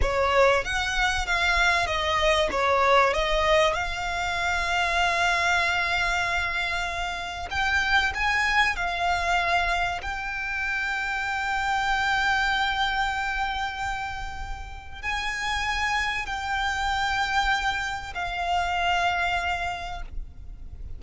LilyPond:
\new Staff \with { instrumentName = "violin" } { \time 4/4 \tempo 4 = 96 cis''4 fis''4 f''4 dis''4 | cis''4 dis''4 f''2~ | f''1 | g''4 gis''4 f''2 |
g''1~ | g''1 | gis''2 g''2~ | g''4 f''2. | }